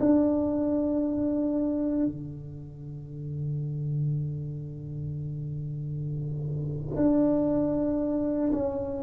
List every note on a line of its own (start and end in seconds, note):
0.00 2.06 D4
2.06 6.96 D3
6.96 8.52 D4
8.52 9.03 C#4